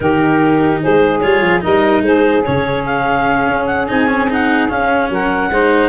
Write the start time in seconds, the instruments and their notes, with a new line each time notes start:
0.00 tuba D#3, cello D#4, saxophone G4, clarinet A#4
0.81 tuba G#3, saxophone G#4, clarinet C5
1.20 tuba G3, cello F4, clarinet C#5
1.41 tuba F3
1.60 tuba G3, cello D#4, saxophone A#4, clarinet D#5
2.01 tuba G#3, saxophone G#4, clarinet C5
2.43 tuba C#3, cello C#4, clarinet C#5
2.85 clarinet F5
3.48 tuba C#4
3.66 clarinet F#5
3.87 tuba C4, cello D#4, clarinet G#5
4.07 cello C#4
4.29 cello D#4, clarinet F#5
4.69 cello C#4, tuba C#4, clarinet F5
5.09 tuba F#3, saxophone A#4, clarinet F#5
5.50 tuba G#3, cello D#4, saxophone C5